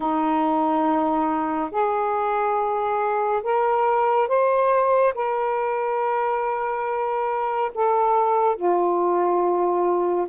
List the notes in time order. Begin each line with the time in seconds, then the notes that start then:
0.00 D#4
1.71 G#4
3.43 A#4
4.28 C5
5.14 A#4
7.74 A4
8.56 F4